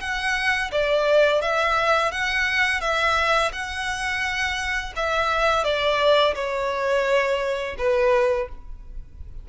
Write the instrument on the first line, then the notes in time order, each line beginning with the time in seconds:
violin
0.00 F#5
0.72 D5
1.41 E5
2.11 F#5
2.81 E5
3.52 F#5
4.96 E5
5.64 D5
6.35 C#5
7.78 B4